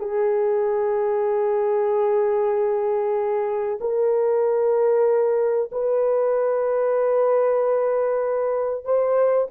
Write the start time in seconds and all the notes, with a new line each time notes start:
0.00 G#4
3.81 A#4
5.72 B4
8.85 C5